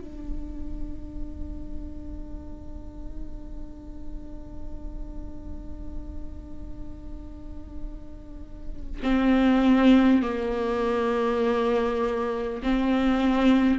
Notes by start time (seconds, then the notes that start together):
0.00 D4
9.03 C4
10.22 A#3
12.62 C4